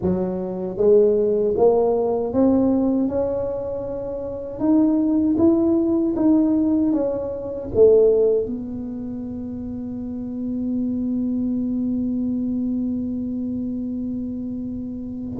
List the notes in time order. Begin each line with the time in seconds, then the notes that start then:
0.01 F#3
0.77 G#3
1.56 A#3
2.33 C4
3.08 C#4
4.59 D#4
5.37 E4
6.15 D#4
6.92 C#4
7.74 A3
8.46 B3